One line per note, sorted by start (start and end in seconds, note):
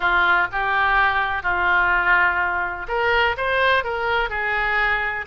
0.00 0.47 F4
0.51 1.42 G4
1.42 2.86 F4
2.88 3.36 A#4
3.37 3.84 C5
3.84 4.29 A#4
4.29 5.25 G#4